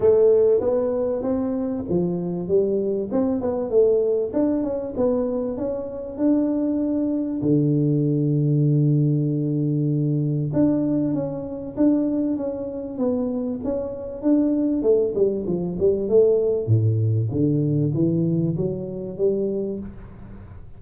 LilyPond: \new Staff \with { instrumentName = "tuba" } { \time 4/4 \tempo 4 = 97 a4 b4 c'4 f4 | g4 c'8 b8 a4 d'8 cis'8 | b4 cis'4 d'2 | d1~ |
d4 d'4 cis'4 d'4 | cis'4 b4 cis'4 d'4 | a8 g8 f8 g8 a4 a,4 | d4 e4 fis4 g4 | }